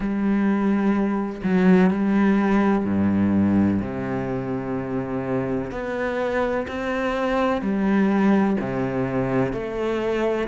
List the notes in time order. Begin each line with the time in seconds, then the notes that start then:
0.00 G3
1.43 F#3
1.90 G3
2.84 G2
3.81 C3
5.71 B3
6.67 C4
7.61 G3
8.60 C3
9.52 A3